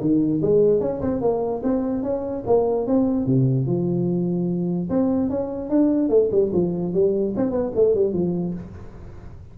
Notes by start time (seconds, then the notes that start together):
0.00 D#3
0.42 G#3
0.80 C#4
1.01 C4
1.21 A#3
1.63 C4
2.03 C#4
2.46 A#3
2.87 C4
3.26 C3
3.66 F3
4.89 C4
5.29 C#4
5.69 D4
6.09 A3
6.31 G3
6.53 F3
6.93 G3
7.36 C4
7.50 B3
7.75 A3
7.94 G3
8.13 F3